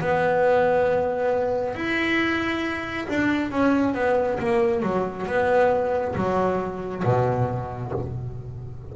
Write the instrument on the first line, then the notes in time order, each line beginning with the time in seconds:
double bass
0.00 B3
1.75 E4
3.09 D4
3.51 C#4
3.94 B3
4.39 A#3
4.82 F#3
5.27 B3
6.15 F#3
7.04 B2